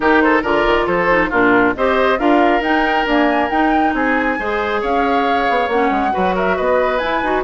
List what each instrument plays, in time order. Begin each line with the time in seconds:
0.00 bassoon D#3, clarinet D#4, oboe G4, flute A#4
0.20 oboe A4, flute C5
0.42 bassoon D3, clarinet F4, oboe A#4, flute D5
0.66 bassoon D#3
0.86 bassoon F3, oboe A4, flute C5
1.09 clarinet D#4
1.29 bassoon A#2, clarinet D4, oboe F4, flute A#4
1.75 bassoon C4, clarinet G4, oboe C5, flute D#5
2.18 bassoon D4, clarinet F4, oboe A#4, flute F5
2.61 bassoon D#4, clarinet D#4, flute G5
3.05 clarinet A#3, bassoon D4, flute G#5
3.50 bassoon D#4, clarinet D#4, flute G5
3.93 bassoon C4, oboe G#4, flute G#5
4.39 bassoon G#3, clarinet G#4, oboe C5
4.81 bassoon C#4, oboe C#5, flute F5
5.49 bassoon B3
5.68 bassoon A#3, clarinet C#4, flute F#5
5.91 bassoon G#3
6.11 bassoon F#3, clarinet F#4, oboe B4
6.34 oboe A#4, flute E5
6.56 bassoon B3, oboe B4, flute D#5
6.98 bassoon E4, clarinet E4, flute G#5
7.22 bassoon D#4, clarinet F#4